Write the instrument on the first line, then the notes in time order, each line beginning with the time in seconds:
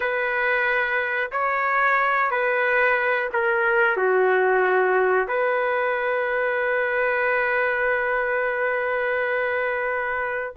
trumpet
0.00 B4
1.31 C#5
2.30 B4
3.32 A#4
3.97 F#4
5.27 B4